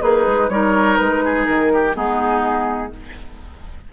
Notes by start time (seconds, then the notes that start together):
0.00 A#3 D#4 G#4 B4
0.27 G#3
0.49 G3 D#4 A#4 C#5
0.97 G#3 B4
1.24 G#4
1.46 D#3 A#4
1.74 G4
1.94 G#3 B3 D#4 G#4